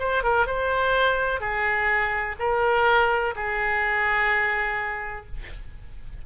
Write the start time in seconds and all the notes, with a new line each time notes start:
0.00 C5
0.23 A#4
0.47 C5
1.41 G#4
2.39 A#4
3.36 G#4